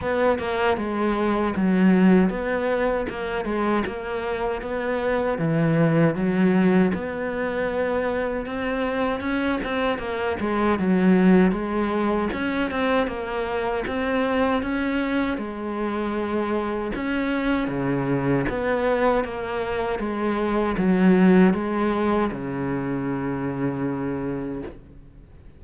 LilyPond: \new Staff \with { instrumentName = "cello" } { \time 4/4 \tempo 4 = 78 b8 ais8 gis4 fis4 b4 | ais8 gis8 ais4 b4 e4 | fis4 b2 c'4 | cis'8 c'8 ais8 gis8 fis4 gis4 |
cis'8 c'8 ais4 c'4 cis'4 | gis2 cis'4 cis4 | b4 ais4 gis4 fis4 | gis4 cis2. | }